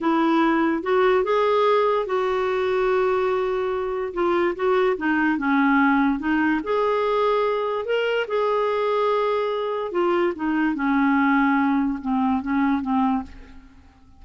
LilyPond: \new Staff \with { instrumentName = "clarinet" } { \time 4/4 \tempo 4 = 145 e'2 fis'4 gis'4~ | gis'4 fis'2.~ | fis'2 f'4 fis'4 | dis'4 cis'2 dis'4 |
gis'2. ais'4 | gis'1 | f'4 dis'4 cis'2~ | cis'4 c'4 cis'4 c'4 | }